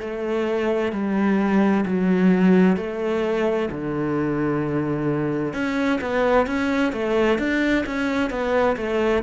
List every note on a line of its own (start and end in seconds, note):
0.00 0.92 A3
0.92 1.85 G3
1.85 2.77 F#3
2.77 3.69 A3
3.70 5.53 D3
5.53 6.00 C#4
6.01 6.47 B3
6.47 6.92 C#4
6.92 7.38 A3
7.38 7.85 D4
7.86 8.30 C#4
8.30 8.76 B3
8.77 9.23 A3